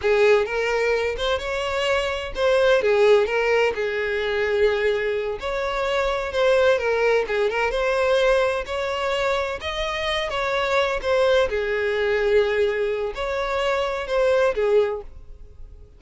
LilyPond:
\new Staff \with { instrumentName = "violin" } { \time 4/4 \tempo 4 = 128 gis'4 ais'4. c''8 cis''4~ | cis''4 c''4 gis'4 ais'4 | gis'2.~ gis'8 cis''8~ | cis''4. c''4 ais'4 gis'8 |
ais'8 c''2 cis''4.~ | cis''8 dis''4. cis''4. c''8~ | c''8 gis'2.~ gis'8 | cis''2 c''4 gis'4 | }